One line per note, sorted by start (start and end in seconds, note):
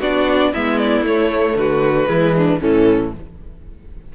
0.00 0.52 B3
0.00 0.54 D4
0.00 0.52 F#4
0.00 0.54 D5
0.53 1.01 G#3
0.53 1.07 B3
0.53 1.57 E4
0.53 0.78 E5
0.78 1.04 D5
1.01 1.53 A3
1.01 2.05 A3
1.01 1.58 C#5
1.56 2.08 D3
1.56 2.09 F#4
1.56 2.61 B4
2.05 2.61 E3
2.05 2.57 G#3
2.05 2.35 E4
2.37 2.61 D4
2.61 3.15 A2
2.61 3.14 E3
2.61 3.13 C#4
2.61 3.13 A4